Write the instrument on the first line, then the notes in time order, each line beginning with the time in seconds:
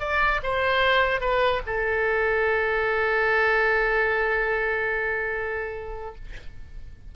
oboe
0.00 D5
0.43 C5
1.21 B4
1.66 A4